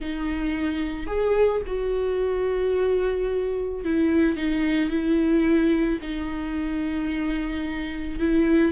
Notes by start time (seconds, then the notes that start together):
0.00 D#4
1.07 G#4
1.66 F#4
3.84 E4
4.36 D#4
4.90 E4
6.01 D#4
8.19 E4